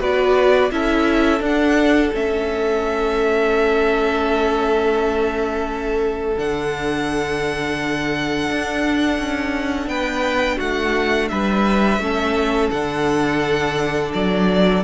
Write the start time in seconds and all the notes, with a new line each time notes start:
0.00 B3 F#4 B4 D5
0.71 C#4 E4 A4 E5
1.40 D4 F#5
2.13 A3 C#4 E5
6.37 D3 D4 F#5
8.51 D4
9.19 C#4
9.87 B3 B4 G5
10.57 A3 F#4 F#5
11.29 G3 B4 E5
11.99 A3 C#4 A4
12.71 D3 D4 F#5
14.13 F#3 D5